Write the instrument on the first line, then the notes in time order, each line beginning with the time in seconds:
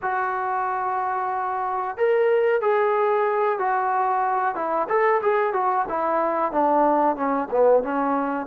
trombone
0.01 F#4
1.97 A#4
2.61 G#4
3.59 F#4
4.55 E4
4.88 A4
5.21 G#4
5.53 F#4
5.88 E4
6.52 D4
7.16 C#4
7.51 B3
7.83 C#4